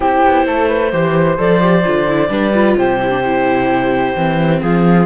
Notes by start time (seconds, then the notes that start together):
0.00 C4 E4 G4 C5
0.25 B3
0.46 A3 A4
0.67 B4
0.91 E3 G4 C5
1.38 F3 A4 D5
1.60 G4
1.84 D3 F4
2.08 E4
2.29 G3 D4 B4
2.53 F4
2.76 C3 G4 C5
3.01 E4
3.10 D4
3.25 E4
4.16 E3 C4
4.61 F3 F4 G#4